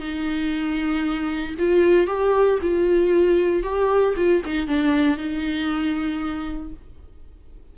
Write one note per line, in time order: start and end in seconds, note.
0.00 1.55 D#4
1.59 2.08 F4
2.08 2.59 G4
2.62 3.63 F4
3.63 4.15 G4
4.17 4.43 F4
4.46 4.68 D#4
4.68 5.18 D4
5.18 6.73 D#4